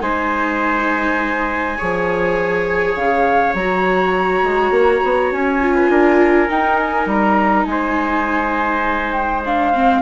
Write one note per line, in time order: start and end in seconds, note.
0.00 1.77 G#3
0.00 1.76 D#4
0.00 1.77 C5
0.00 2.94 G#5
1.77 2.95 F3
1.77 3.54 G#4
1.77 5.75 C#5
2.95 3.53 C#3
2.95 3.54 F5
3.53 4.42 F#3
3.53 5.32 A#5
3.60 5.61 F#4
4.43 4.70 G#3
4.70 5.00 A#3
5.04 5.31 B3
5.31 5.89 C#4
5.31 6.49 G#5
5.61 6.48 F4
5.75 5.89 B4
5.89 6.48 D4
5.89 7.67 A#4
6.48 9.42 D#4
6.48 7.06 D#4
6.48 6.77 G5
6.77 7.06 G#5
7.06 7.65 G3
7.06 7.65 A#5
7.65 10.01 G#3
7.65 10.01 C5
7.65 9.12 G#5
9.12 9.41 G5
9.45 9.74 D4
9.45 10.01 F5
9.74 10.01 C4